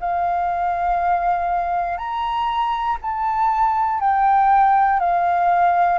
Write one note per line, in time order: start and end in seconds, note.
0.00 1.97 F5
1.97 2.97 A#5
3.01 4.00 A5
4.00 4.99 G5
4.99 5.98 F5